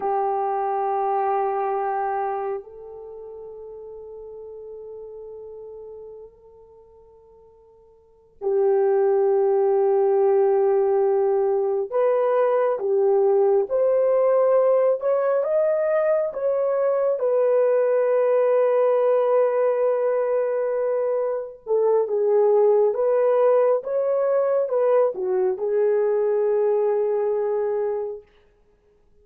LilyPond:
\new Staff \with { instrumentName = "horn" } { \time 4/4 \tempo 4 = 68 g'2. a'4~ | a'1~ | a'4. g'2~ g'8~ | g'4. b'4 g'4 c''8~ |
c''4 cis''8 dis''4 cis''4 b'8~ | b'1~ | b'8 a'8 gis'4 b'4 cis''4 | b'8 fis'8 gis'2. | }